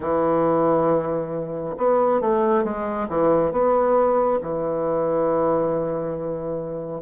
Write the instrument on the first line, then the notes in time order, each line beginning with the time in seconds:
bassoon
0.00 E3
1.76 B3
2.20 A3
2.64 G#3
3.08 E3
3.51 B3
4.41 E3